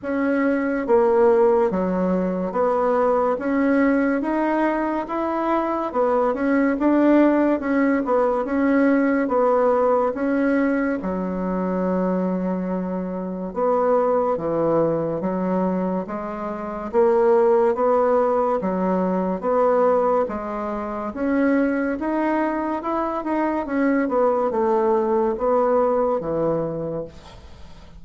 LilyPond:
\new Staff \with { instrumentName = "bassoon" } { \time 4/4 \tempo 4 = 71 cis'4 ais4 fis4 b4 | cis'4 dis'4 e'4 b8 cis'8 | d'4 cis'8 b8 cis'4 b4 | cis'4 fis2. |
b4 e4 fis4 gis4 | ais4 b4 fis4 b4 | gis4 cis'4 dis'4 e'8 dis'8 | cis'8 b8 a4 b4 e4 | }